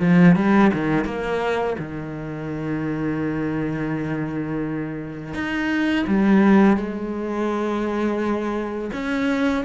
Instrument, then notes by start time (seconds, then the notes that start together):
cello
0.00 F3
0.36 G3
0.74 D#3
1.05 A#3
1.79 D#3
5.34 D#4
6.07 G3
6.77 G#3
8.93 C#4